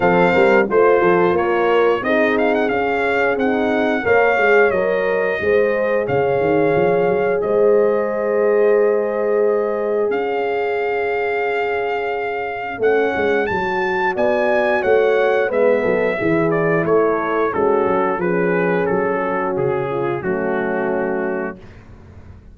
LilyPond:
<<
  \new Staff \with { instrumentName = "trumpet" } { \time 4/4 \tempo 4 = 89 f''4 c''4 cis''4 dis''8 f''16 fis''16 | f''4 fis''4 f''4 dis''4~ | dis''4 f''2 dis''4~ | dis''2. f''4~ |
f''2. fis''4 | a''4 gis''4 fis''4 e''4~ | e''8 d''8 cis''4 a'4 b'4 | a'4 gis'4 fis'2 | }
  \new Staff \with { instrumentName = "horn" } { \time 4/4 a'8 ais'8 c''8 a'8 ais'4 gis'4~ | gis'2 cis''2 | c''4 cis''2 c''4~ | c''2. cis''4~ |
cis''1~ | cis''4 d''4 cis''4 b'8 a'8 | gis'4 a'4 cis'4 gis'4~ | gis'8 fis'4 f'8 cis'2 | }
  \new Staff \with { instrumentName = "horn" } { \time 4/4 c'4 f'2 dis'4 | cis'4 dis'4 ais'8 gis'8 ais'4 | gis'1~ | gis'1~ |
gis'2. cis'4 | fis'2. b4 | e'2 fis'4 cis'4~ | cis'2 a2 | }
  \new Staff \with { instrumentName = "tuba" } { \time 4/4 f8 g8 a8 f8 ais4 c'4 | cis'4 c'4 ais8 gis8 fis4 | gis4 cis8 dis8 f8 fis8 gis4~ | gis2. cis'4~ |
cis'2. a8 gis8 | fis4 b4 a4 gis8 fis8 | e4 a4 gis8 fis8 f4 | fis4 cis4 fis2 | }
>>